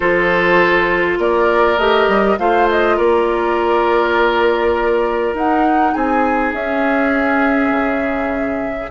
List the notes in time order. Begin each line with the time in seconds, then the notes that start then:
0.00 F3 F4 A4 C5
1.18 A#3 A#4 D5
1.78 A3 G4 D#5
2.07 G3
2.38 A3 F4 C5 F5
2.70 D#5
2.96 A#3 A#4 D5
5.33 D#4 F#5
5.93 C4 G#4 G#5
6.53 C#4 E5
7.70 C#3